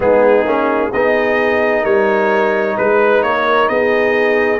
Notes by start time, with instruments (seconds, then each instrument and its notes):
0.00 tuba G#3, trombone B3, horn D#4, trumpet G#4
0.45 tuba A#3, trombone C#4
0.90 tuba B3, horn G#4, trumpet D#5
0.97 trombone D#4
1.82 tuba G3, horn A#4, trumpet C#5
2.77 tuba G#3, trumpet B4, horn B4
3.22 tuba A#3, horn A#4, trumpet C#5
3.68 tuba B3, horn G#4, trumpet D#5